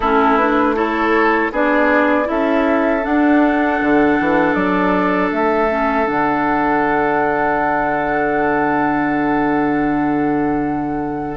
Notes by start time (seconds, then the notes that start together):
0.00 A3 C#4 E4 A4
0.37 D4 B4
0.75 E4 A4 C#5
1.51 B3 D4 G#4 D5
2.24 C#4 E4 A4 E5
3.02 D4 F#5
3.81 D3
4.19 E3
4.53 F#3 D5
5.31 A3 E5
5.69 C#4
6.04 D3 D4 F#5